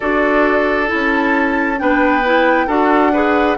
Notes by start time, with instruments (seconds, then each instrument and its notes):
0.00 bassoon D4, clarinet F#4, oboe A4, flute D5
0.87 clarinet E4, flute A5
0.93 bassoon C#4
1.77 bassoon B3, clarinet D4, oboe B4, flute G5
2.25 clarinet E4
2.66 bassoon D4, clarinet F#4, oboe A4, flute F#5
3.12 clarinet G#4, oboe B4